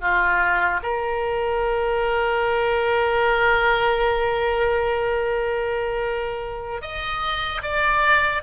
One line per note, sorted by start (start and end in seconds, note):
0.00 0.80 F4
0.83 6.81 A#4
6.81 7.61 D#5
7.62 8.42 D5